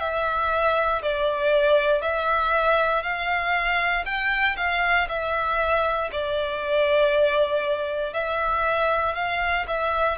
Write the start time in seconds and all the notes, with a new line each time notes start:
0.00 E5
1.02 D5
2.02 E5
3.03 F5
4.05 G5
4.57 F5
5.08 E5
6.12 D5
8.13 E5
9.15 F5
9.67 E5